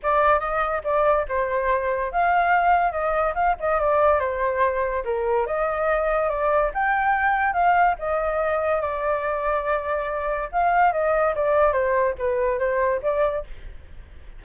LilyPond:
\new Staff \with { instrumentName = "flute" } { \time 4/4 \tempo 4 = 143 d''4 dis''4 d''4 c''4~ | c''4 f''2 dis''4 | f''8 dis''8 d''4 c''2 | ais'4 dis''2 d''4 |
g''2 f''4 dis''4~ | dis''4 d''2.~ | d''4 f''4 dis''4 d''4 | c''4 b'4 c''4 d''4 | }